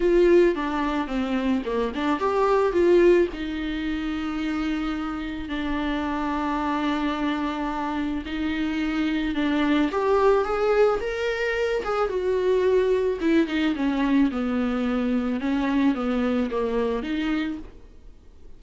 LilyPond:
\new Staff \with { instrumentName = "viola" } { \time 4/4 \tempo 4 = 109 f'4 d'4 c'4 ais8 d'8 | g'4 f'4 dis'2~ | dis'2 d'2~ | d'2. dis'4~ |
dis'4 d'4 g'4 gis'4 | ais'4. gis'8 fis'2 | e'8 dis'8 cis'4 b2 | cis'4 b4 ais4 dis'4 | }